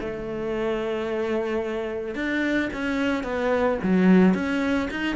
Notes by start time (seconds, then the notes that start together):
0.00 A3
2.14 D4
2.73 C#4
3.23 B3
3.82 F#3
4.34 C#4
4.90 D#4